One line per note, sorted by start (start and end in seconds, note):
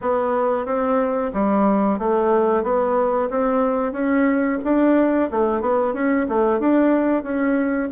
0.01 0.65 B3
0.65 1.31 C4
1.33 1.98 G3
1.98 2.63 A3
2.63 3.29 B3
3.30 3.92 C4
3.92 4.58 C#4
4.64 5.30 D4
5.30 5.61 A3
5.61 5.93 B3
5.93 6.26 C#4
6.28 6.59 A3
6.59 7.23 D4
7.23 7.89 C#4